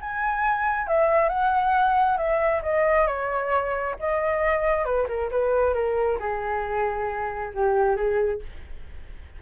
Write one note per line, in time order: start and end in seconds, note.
0.00 0.87 G#5
0.87 1.28 E5
1.28 2.17 F#5
2.17 2.62 E5
2.62 3.06 D#5
3.06 3.95 C#5
3.99 4.84 D#5
4.84 5.07 B4
5.08 5.30 A#4
5.31 5.73 B4
5.73 6.18 A#4
6.19 7.52 G#4
7.54 7.96 G4
7.96 8.40 G#4